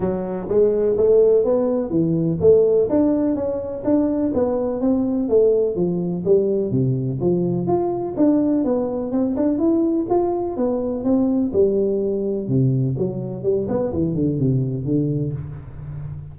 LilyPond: \new Staff \with { instrumentName = "tuba" } { \time 4/4 \tempo 4 = 125 fis4 gis4 a4 b4 | e4 a4 d'4 cis'4 | d'4 b4 c'4 a4 | f4 g4 c4 f4 |
f'4 d'4 b4 c'8 d'8 | e'4 f'4 b4 c'4 | g2 c4 fis4 | g8 b8 e8 d8 c4 d4 | }